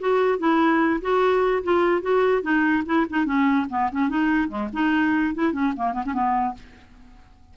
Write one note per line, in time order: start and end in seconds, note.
0.00 0.39 F#4
0.39 1.01 E4
1.02 1.63 F#4
1.64 2.02 F4
2.02 2.42 F#4
2.42 2.84 D#4
2.86 3.07 E4
3.10 3.26 D#4
3.26 3.67 C#4
3.70 3.90 B3
3.92 4.09 C#4
4.09 4.49 D#4
4.49 4.69 G#3
4.74 5.35 D#4
5.35 5.53 E4
5.53 5.74 C#4
5.76 5.93 A#3
5.93 6.04 B3
6.06 6.14 C#4
6.14 6.55 B3